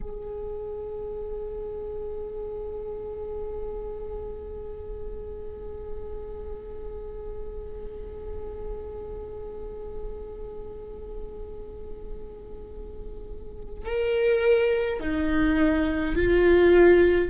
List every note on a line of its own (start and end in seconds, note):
0.00 13.84 G#4
13.85 15.00 A#4
15.00 16.15 D#4
16.15 17.30 F4